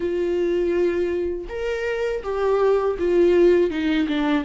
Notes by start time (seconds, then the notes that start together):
0.00 F4
1.48 A#4
2.23 G4
2.98 F4
3.70 D#4
4.08 D4